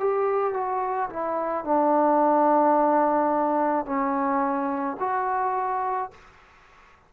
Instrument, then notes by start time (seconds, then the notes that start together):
trombone
0.00 G4
0.54 F#4
1.10 E4
1.65 D4
3.86 C#4
5.00 F#4